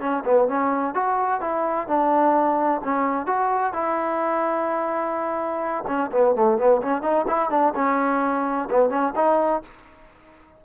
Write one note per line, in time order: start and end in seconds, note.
0.00 0.23 C#4
0.25 0.48 B3
0.48 0.94 C#4
0.94 1.41 F#4
1.41 1.87 E4
1.87 2.81 D4
2.84 3.26 C#4
3.26 3.73 F#4
3.73 5.84 E4
5.87 6.10 C#4
6.12 6.35 B3
6.35 6.58 A3
6.58 6.81 B3
6.82 7.02 C#4
7.02 7.25 D#4
7.27 7.50 E4
7.50 7.73 D4
7.75 8.68 C#4
8.70 8.90 B3
8.90 9.13 C#4
9.16 9.62 D#4